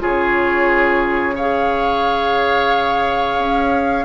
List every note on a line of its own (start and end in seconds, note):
0.00 3.38 C#3
0.00 1.35 F4
0.00 1.35 G#4
0.00 1.37 C#5
1.35 4.05 G#4
1.35 4.05 C#5
1.35 4.05 F5
3.38 4.05 C#4